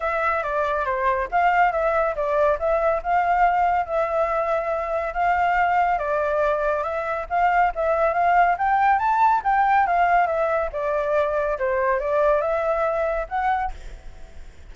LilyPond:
\new Staff \with { instrumentName = "flute" } { \time 4/4 \tempo 4 = 140 e''4 d''4 c''4 f''4 | e''4 d''4 e''4 f''4~ | f''4 e''2. | f''2 d''2 |
e''4 f''4 e''4 f''4 | g''4 a''4 g''4 f''4 | e''4 d''2 c''4 | d''4 e''2 fis''4 | }